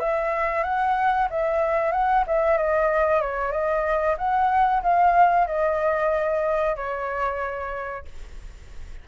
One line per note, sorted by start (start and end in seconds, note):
0.00 0.64 E5
0.64 1.28 F#5
1.30 1.92 E5
1.92 2.24 F#5
2.27 2.57 E5
2.57 3.21 D#5
3.21 3.52 C#5
3.52 4.16 D#5
4.18 4.82 F#5
4.83 5.47 F5
5.47 6.76 D#5
6.76 8.05 C#5